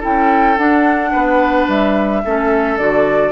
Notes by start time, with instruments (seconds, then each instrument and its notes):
0.00 bassoon C#4, clarinet E4, oboe A4, flute G5
0.58 bassoon D4, clarinet D4, flute F#5
1.12 bassoon B3, oboe B4
1.68 bassoon G3, flute E5
2.25 bassoon A3, clarinet C#4, oboe A4
2.78 bassoon D3, clarinet F#4, flute D5